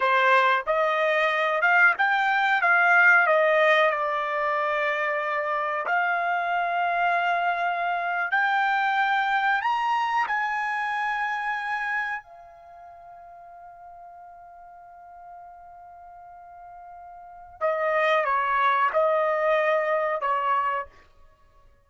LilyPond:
\new Staff \with { instrumentName = "trumpet" } { \time 4/4 \tempo 4 = 92 c''4 dis''4. f''8 g''4 | f''4 dis''4 d''2~ | d''4 f''2.~ | f''8. g''2 ais''4 gis''16~ |
gis''2~ gis''8. f''4~ f''16~ | f''1~ | f''2. dis''4 | cis''4 dis''2 cis''4 | }